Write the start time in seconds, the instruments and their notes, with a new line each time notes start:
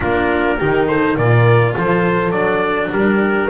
0.00 double bass A#3, cello D4, horn F4, trumpet A#4
0.58 double bass D#3, cello D#4, horn G4
0.87 horn A4, trumpet C5
1.16 double bass A#2, cello F4, horn A#4, trumpet D5
1.73 double bass F3, horn A4, trumpet C5
2.30 double bass F#3, cello D4, trumpet D5
2.90 double bass G3, horn G4, trumpet A#4